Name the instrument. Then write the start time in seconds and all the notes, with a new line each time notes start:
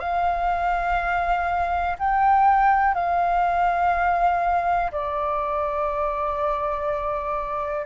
flute
0.00 F5
1.99 G5
2.95 F5
4.92 D5